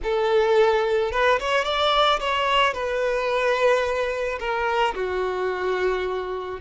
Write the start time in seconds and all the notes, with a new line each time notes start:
0.03 A4
1.11 B4
1.39 C#5
1.64 D5
2.19 C#5
2.73 B4
4.39 A#4
4.94 F#4